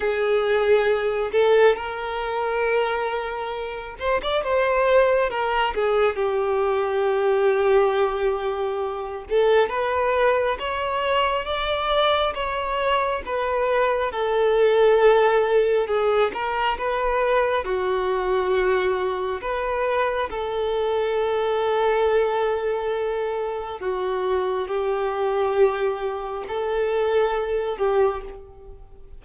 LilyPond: \new Staff \with { instrumentName = "violin" } { \time 4/4 \tempo 4 = 68 gis'4. a'8 ais'2~ | ais'8 c''16 d''16 c''4 ais'8 gis'8 g'4~ | g'2~ g'8 a'8 b'4 | cis''4 d''4 cis''4 b'4 |
a'2 gis'8 ais'8 b'4 | fis'2 b'4 a'4~ | a'2. fis'4 | g'2 a'4. g'8 | }